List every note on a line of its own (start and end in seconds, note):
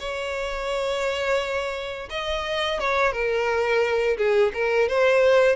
0.00 2.09 C#5
2.10 2.80 D#5
2.80 3.13 C#5
3.13 4.17 A#4
4.18 4.53 G#4
4.54 4.89 A#4
4.89 5.56 C5